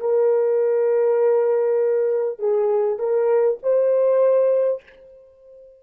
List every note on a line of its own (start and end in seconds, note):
0.00 2.39 A#4
2.39 2.99 G#4
2.99 3.59 A#4
3.63 4.83 C5